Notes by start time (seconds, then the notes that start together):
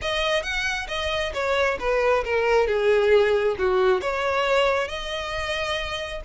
0.01 D#5
0.42 F#5
0.88 D#5
1.33 C#5
1.79 B4
2.24 A#4
2.67 G#4
3.58 F#4
4.01 C#5
4.88 D#5